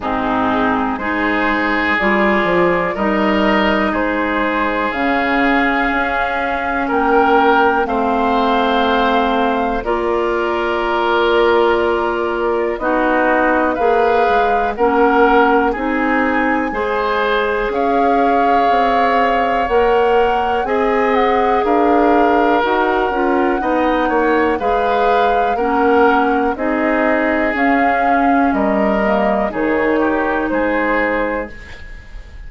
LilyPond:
<<
  \new Staff \with { instrumentName = "flute" } { \time 4/4 \tempo 4 = 61 gis'4 c''4 d''4 dis''4 | c''4 f''2 g''4 | f''2 d''2~ | d''4 dis''4 f''4 fis''4 |
gis''2 f''2 | fis''4 gis''8 fis''8 f''4 fis''4~ | fis''4 f''4 fis''4 dis''4 | f''4 dis''4 cis''4 c''4 | }
  \new Staff \with { instrumentName = "oboe" } { \time 4/4 dis'4 gis'2 ais'4 | gis'2. ais'4 | c''2 ais'2~ | ais'4 fis'4 b'4 ais'4 |
gis'4 c''4 cis''2~ | cis''4 dis''4 ais'2 | dis''8 cis''8 b'4 ais'4 gis'4~ | gis'4 ais'4 gis'8 g'8 gis'4 | }
  \new Staff \with { instrumentName = "clarinet" } { \time 4/4 c'4 dis'4 f'4 dis'4~ | dis'4 cis'2. | c'2 f'2~ | f'4 dis'4 gis'4 cis'4 |
dis'4 gis'2. | ais'4 gis'2 fis'8 f'8 | dis'4 gis'4 cis'4 dis'4 | cis'4. ais8 dis'2 | }
  \new Staff \with { instrumentName = "bassoon" } { \time 4/4 gis,4 gis4 g8 f8 g4 | gis4 cis4 cis'4 ais4 | a2 ais2~ | ais4 b4 ais8 gis8 ais4 |
c'4 gis4 cis'4 c'4 | ais4 c'4 d'4 dis'8 cis'8 | b8 ais8 gis4 ais4 c'4 | cis'4 g4 dis4 gis4 | }
>>